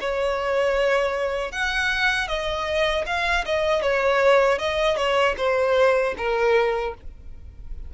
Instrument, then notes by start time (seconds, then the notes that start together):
violin
0.00 C#5
1.51 F#5
2.28 D#5
3.06 F5
3.45 D#5
3.81 C#5
4.58 D#5
4.96 C#5
5.37 C5
6.17 A#4